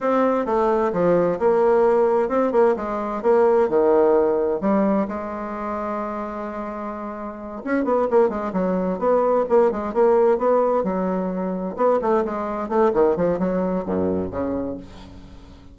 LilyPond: \new Staff \with { instrumentName = "bassoon" } { \time 4/4 \tempo 4 = 130 c'4 a4 f4 ais4~ | ais4 c'8 ais8 gis4 ais4 | dis2 g4 gis4~ | gis1~ |
gis8 cis'8 b8 ais8 gis8 fis4 b8~ | b8 ais8 gis8 ais4 b4 fis8~ | fis4. b8 a8 gis4 a8 | dis8 f8 fis4 fis,4 cis4 | }